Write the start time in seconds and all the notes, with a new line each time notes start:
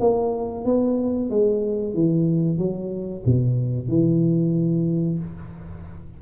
0.00 A#3
0.65 B3
1.30 G#3
1.94 E3
2.58 F#3
3.25 B2
3.88 E3